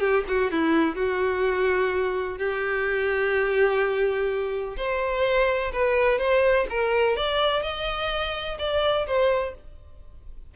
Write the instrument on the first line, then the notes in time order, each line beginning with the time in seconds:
violin
0.00 G4
0.28 F#4
0.51 E4
0.96 F#4
2.38 G4
4.77 C5
5.72 B4
6.19 C5
6.70 A#4
7.16 D5
7.62 D#5
8.59 D5
9.06 C5